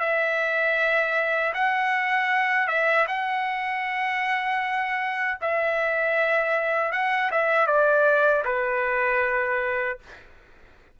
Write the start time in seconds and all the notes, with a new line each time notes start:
0.00 E5
1.54 F#5
2.68 E5
3.08 F#5
5.42 E5
6.92 F#5
7.31 E5
7.67 D5
8.45 B4